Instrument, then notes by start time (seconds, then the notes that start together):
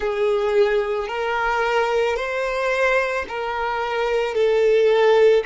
violin
0.00 G#4
1.08 A#4
2.16 C5
3.28 A#4
4.34 A4